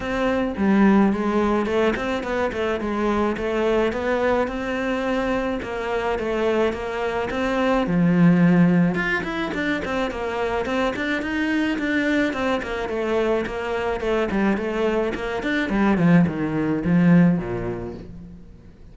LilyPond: \new Staff \with { instrumentName = "cello" } { \time 4/4 \tempo 4 = 107 c'4 g4 gis4 a8 c'8 | b8 a8 gis4 a4 b4 | c'2 ais4 a4 | ais4 c'4 f2 |
f'8 e'8 d'8 c'8 ais4 c'8 d'8 | dis'4 d'4 c'8 ais8 a4 | ais4 a8 g8 a4 ais8 d'8 | g8 f8 dis4 f4 ais,4 | }